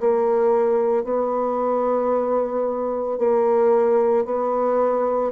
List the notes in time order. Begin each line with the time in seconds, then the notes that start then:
0.00 A#3
1.04 B3
3.18 A#3
4.25 B3